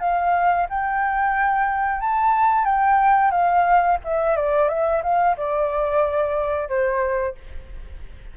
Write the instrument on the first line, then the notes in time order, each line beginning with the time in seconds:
flute
0.00 F5
0.69 G5
2.01 A5
2.65 G5
3.31 F5
4.04 E5
4.36 D5
4.69 E5
5.03 F5
5.37 D5
6.68 C5